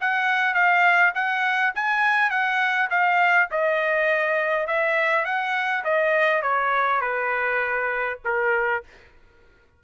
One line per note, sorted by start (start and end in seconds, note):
0.00 0.54 F#5
0.54 1.13 F5
1.14 1.73 F#5
1.75 2.30 G#5
2.30 2.89 F#5
2.90 3.49 F5
3.51 4.67 D#5
4.67 5.25 E5
5.25 5.83 F#5
5.84 6.42 D#5
6.42 7.01 C#5
7.01 8.18 B4
8.24 8.83 A#4